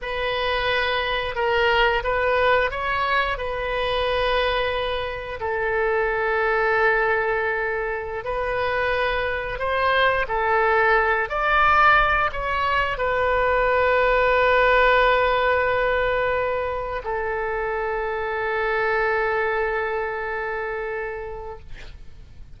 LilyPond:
\new Staff \with { instrumentName = "oboe" } { \time 4/4 \tempo 4 = 89 b'2 ais'4 b'4 | cis''4 b'2. | a'1~ | a'16 b'2 c''4 a'8.~ |
a'8. d''4. cis''4 b'8.~ | b'1~ | b'4~ b'16 a'2~ a'8.~ | a'1 | }